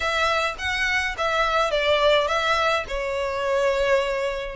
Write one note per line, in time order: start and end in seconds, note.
0.00 0.55 E5
0.58 1.15 F#5
1.17 1.70 E5
1.70 2.27 D5
2.27 2.84 E5
2.88 4.56 C#5